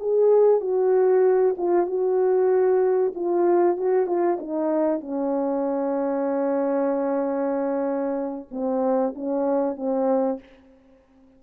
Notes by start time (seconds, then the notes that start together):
0.00 G#4
0.61 F#4
1.58 F4
1.87 F#4
3.15 F4
3.78 F#4
4.07 F4
4.40 D#4
5.01 C#4
8.51 C4
9.15 C#4
9.77 C4